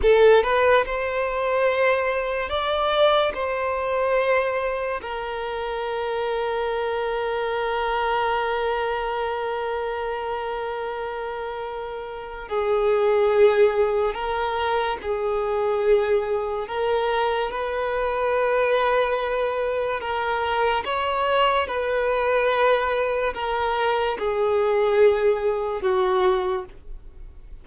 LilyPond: \new Staff \with { instrumentName = "violin" } { \time 4/4 \tempo 4 = 72 a'8 b'8 c''2 d''4 | c''2 ais'2~ | ais'1~ | ais'2. gis'4~ |
gis'4 ais'4 gis'2 | ais'4 b'2. | ais'4 cis''4 b'2 | ais'4 gis'2 fis'4 | }